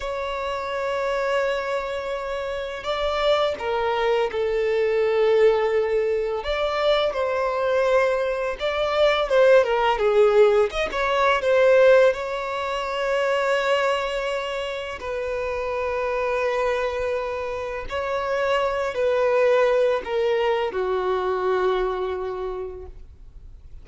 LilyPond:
\new Staff \with { instrumentName = "violin" } { \time 4/4 \tempo 4 = 84 cis''1 | d''4 ais'4 a'2~ | a'4 d''4 c''2 | d''4 c''8 ais'8 gis'4 dis''16 cis''8. |
c''4 cis''2.~ | cis''4 b'2.~ | b'4 cis''4. b'4. | ais'4 fis'2. | }